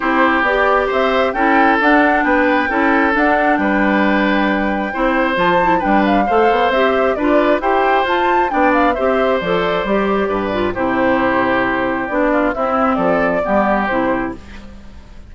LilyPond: <<
  \new Staff \with { instrumentName = "flute" } { \time 4/4 \tempo 4 = 134 c''4 d''4 e''4 g''4 | fis''4 g''2 fis''4 | g''1 | a''4 g''8 f''4. e''4 |
d''4 g''4 a''4 g''8 f''8 | e''4 d''2. | c''2. d''4 | e''4 d''2 c''4 | }
  \new Staff \with { instrumentName = "oboe" } { \time 4/4 g'2 c''4 a'4~ | a'4 b'4 a'2 | b'2. c''4~ | c''4 b'4 c''2 |
b'4 c''2 d''4 | c''2. b'4 | g'2.~ g'8 f'8 | e'4 a'4 g'2 | }
  \new Staff \with { instrumentName = "clarinet" } { \time 4/4 e'4 g'2 e'4 | d'2 e'4 d'4~ | d'2. e'4 | f'8 e'8 d'4 a'4 g'4 |
f'4 g'4 f'4 d'4 | g'4 a'4 g'4. f'8 | e'2. d'4 | c'2 b4 e'4 | }
  \new Staff \with { instrumentName = "bassoon" } { \time 4/4 c'4 b4 c'4 cis'4 | d'4 b4 cis'4 d'4 | g2. c'4 | f4 g4 a8 b8 c'4 |
d'4 e'4 f'4 b4 | c'4 f4 g4 g,4 | c2. b4 | c'4 f4 g4 c4 | }
>>